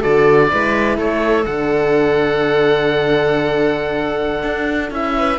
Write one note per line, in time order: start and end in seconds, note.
0.00 0.52 D3
0.00 0.49 F#4
0.00 0.48 A4
0.00 0.98 D5
0.50 0.98 G#3
0.50 1.45 E4
0.50 0.97 B4
0.97 1.45 A3
0.97 5.14 A4
0.97 1.45 C#5
1.45 4.43 D3
1.45 4.90 D4
1.45 4.90 F#5
4.43 4.90 D4
4.90 5.38 C#4
4.90 5.38 E4
4.90 5.38 E5
5.17 5.38 B4